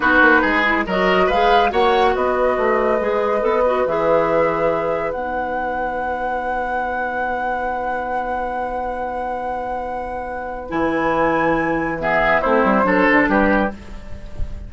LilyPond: <<
  \new Staff \with { instrumentName = "flute" } { \time 4/4 \tempo 4 = 140 b'2 dis''4 f''4 | fis''4 dis''2.~ | dis''4 e''2. | fis''1~ |
fis''1~ | fis''1~ | fis''4 gis''2. | e''4 c''2 b'4 | }
  \new Staff \with { instrumentName = "oboe" } { \time 4/4 fis'4 gis'4 ais'4 b'4 | cis''4 b'2.~ | b'1~ | b'1~ |
b'1~ | b'1~ | b'1 | gis'4 e'4 a'4 g'4 | }
  \new Staff \with { instrumentName = "clarinet" } { \time 4/4 dis'4. e'8 fis'4 gis'4 | fis'2. gis'4 | a'8 fis'8 gis'2. | dis'1~ |
dis'1~ | dis'1~ | dis'4 e'2. | b4 c'4 d'2 | }
  \new Staff \with { instrumentName = "bassoon" } { \time 4/4 b8 ais8 gis4 fis4 gis4 | ais4 b4 a4 gis4 | b4 e2. | b1~ |
b1~ | b1~ | b4 e2.~ | e4 a8 g8 fis8 d8 g4 | }
>>